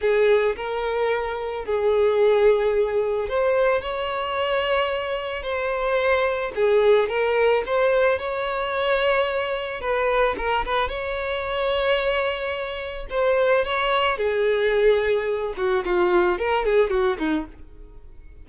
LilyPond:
\new Staff \with { instrumentName = "violin" } { \time 4/4 \tempo 4 = 110 gis'4 ais'2 gis'4~ | gis'2 c''4 cis''4~ | cis''2 c''2 | gis'4 ais'4 c''4 cis''4~ |
cis''2 b'4 ais'8 b'8 | cis''1 | c''4 cis''4 gis'2~ | gis'8 fis'8 f'4 ais'8 gis'8 fis'8 dis'8 | }